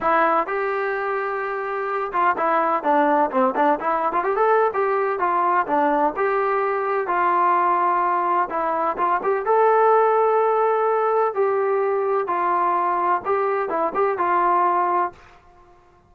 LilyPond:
\new Staff \with { instrumentName = "trombone" } { \time 4/4 \tempo 4 = 127 e'4 g'2.~ | g'8 f'8 e'4 d'4 c'8 d'8 | e'8. f'16 g'16 a'8. g'4 f'4 | d'4 g'2 f'4~ |
f'2 e'4 f'8 g'8 | a'1 | g'2 f'2 | g'4 e'8 g'8 f'2 | }